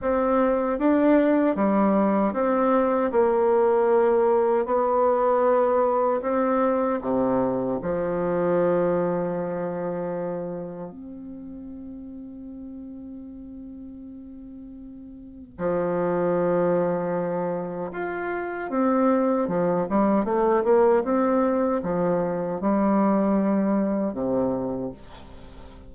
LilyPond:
\new Staff \with { instrumentName = "bassoon" } { \time 4/4 \tempo 4 = 77 c'4 d'4 g4 c'4 | ais2 b2 | c'4 c4 f2~ | f2 c'2~ |
c'1 | f2. f'4 | c'4 f8 g8 a8 ais8 c'4 | f4 g2 c4 | }